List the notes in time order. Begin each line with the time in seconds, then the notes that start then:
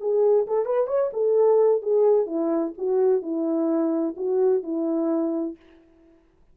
0.00 G#4
0.47 A4
0.65 B4
0.87 C#5
1.13 A4
1.82 G#4
2.26 E4
2.78 F#4
3.22 E4
4.16 F#4
4.63 E4